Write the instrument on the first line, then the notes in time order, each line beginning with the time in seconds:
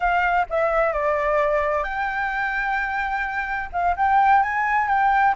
flute
0.00 F5
0.49 E5
0.92 D5
1.83 G5
3.72 F5
3.96 G5
4.42 G#5
4.88 G5